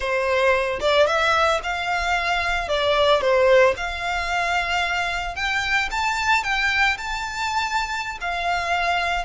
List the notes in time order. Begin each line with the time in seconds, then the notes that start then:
0.00 C5
0.80 D5
1.06 E5
1.63 F5
2.68 D5
3.21 C5
3.76 F5
5.35 G5
5.91 A5
6.43 G5
6.97 A5
8.20 F5